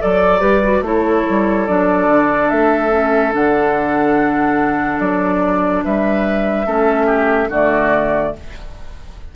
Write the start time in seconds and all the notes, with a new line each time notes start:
0.00 F#3 A4 D5
0.40 G3 G4 B4
0.64 F#4
0.82 A3 E4 A4 C#5
1.30 G3
1.67 F#3 D4 D5
2.08 D3
2.50 A3 E5
2.91 C#4
3.32 D3 D4 F#5
5.00 F#3 D5
5.84 G3 B4 E5
6.66 A3 C#4 A4
7.07 G4
7.49 D3 A3 F#4 D5